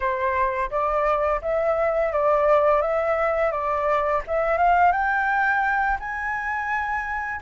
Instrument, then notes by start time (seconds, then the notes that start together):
flute
0.00 C5
0.70 D5
1.41 E5
2.12 D5
2.81 E5
3.51 D5
4.27 E5
4.57 F5
4.92 G5
5.99 G#5